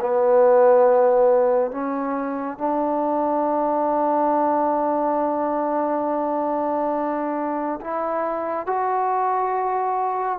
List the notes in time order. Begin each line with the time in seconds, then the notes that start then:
0.00 B3
1.71 C#4
2.58 D4
7.81 E4
8.66 F#4